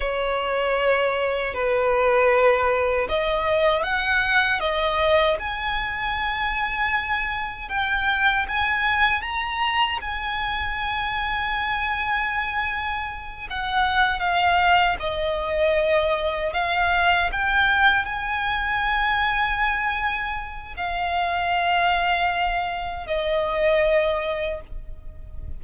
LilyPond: \new Staff \with { instrumentName = "violin" } { \time 4/4 \tempo 4 = 78 cis''2 b'2 | dis''4 fis''4 dis''4 gis''4~ | gis''2 g''4 gis''4 | ais''4 gis''2.~ |
gis''4. fis''4 f''4 dis''8~ | dis''4. f''4 g''4 gis''8~ | gis''2. f''4~ | f''2 dis''2 | }